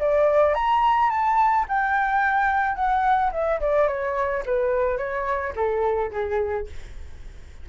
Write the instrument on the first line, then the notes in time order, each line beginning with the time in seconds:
flute
0.00 D5
0.55 A#5
1.10 A5
1.69 G5
2.76 F#5
3.33 E5
3.61 D5
3.88 C#5
4.46 B4
4.98 C#5
5.56 A4
6.12 G#4